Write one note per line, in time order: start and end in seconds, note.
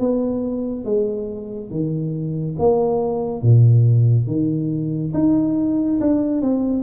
0.00 0.85 B3
0.85 1.71 G#3
1.71 2.56 D#3
2.59 3.42 A#3
3.42 4.27 A#2
4.27 5.13 D#3
5.14 6.00 D#4
6.01 6.42 D4
6.42 6.83 C4